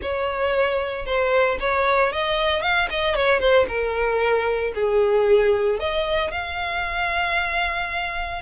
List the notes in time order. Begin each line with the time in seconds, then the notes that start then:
0.02 C#5
1.05 C5
1.60 C#5
2.12 D#5
2.61 F5
2.90 D#5
3.15 C#5
3.39 C5
3.67 A#4
4.75 G#4
5.79 D#5
6.31 F5